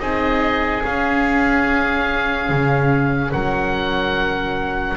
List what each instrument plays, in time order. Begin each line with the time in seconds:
0.00 double bass C4, viola D#4, oboe G#4 D#5
0.83 viola C#4, double bass C#4, oboe F5
2.49 double bass C#3
3.32 double bass F#3, oboe A#4 F#5